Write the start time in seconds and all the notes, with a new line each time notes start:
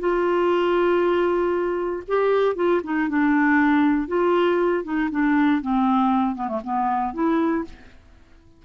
0.00 F4
2.08 G4
2.56 F4
2.84 D#4
3.09 D4
4.08 F4
4.84 D#4
5.11 D4
5.62 C4
6.35 B3
6.48 A3
6.64 B3
7.14 E4